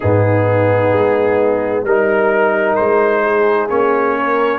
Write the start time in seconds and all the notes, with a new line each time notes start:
0.00 G#2 B3 D#4 G#4
0.92 G#3
1.83 G3 D#4 A#4
2.75 G#3 C5
3.24 G#4
3.69 A#3 C#4 C#5
4.19 A#4